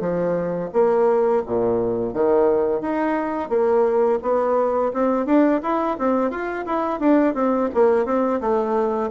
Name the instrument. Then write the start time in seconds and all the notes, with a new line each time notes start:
bassoon
0.00 F3
0.73 A#3
1.46 A#2
2.13 D#3
2.81 D#4
3.49 A#3
4.22 B3
4.93 C4
5.25 D4
5.63 E4
5.98 C4
6.30 F4
6.66 E4
7.00 D4
7.34 C4
7.74 A#3
8.05 C4
8.41 A3